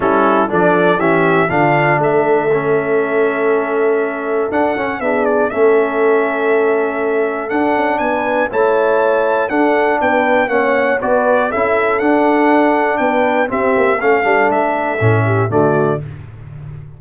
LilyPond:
<<
  \new Staff \with { instrumentName = "trumpet" } { \time 4/4 \tempo 4 = 120 a'4 d''4 e''4 f''4 | e''1~ | e''4 fis''4 e''8 d''8 e''4~ | e''2. fis''4 |
gis''4 a''2 fis''4 | g''4 fis''4 d''4 e''4 | fis''2 g''4 e''4 | f''4 e''2 d''4 | }
  \new Staff \with { instrumentName = "horn" } { \time 4/4 e'4 a'4 g'4 f'4 | a'1~ | a'2 gis'4 a'4~ | a'1 |
b'4 cis''2 a'4 | b'4 cis''4 b'4 a'4~ | a'2 b'4 g'4 | a'2~ a'8 g'8 fis'4 | }
  \new Staff \with { instrumentName = "trombone" } { \time 4/4 cis'4 d'4 cis'4 d'4~ | d'4 cis'2.~ | cis'4 d'8 cis'8 d'4 cis'4~ | cis'2. d'4~ |
d'4 e'2 d'4~ | d'4 cis'4 fis'4 e'4 | d'2. c'4 | cis'8 d'4. cis'4 a4 | }
  \new Staff \with { instrumentName = "tuba" } { \time 4/4 g4 f4 e4 d4 | a1~ | a4 d'8 cis'8 b4 a4~ | a2. d'8 cis'8 |
b4 a2 d'4 | b4 ais4 b4 cis'4 | d'2 b4 c'8 ais8 | a8 g8 a4 a,4 d4 | }
>>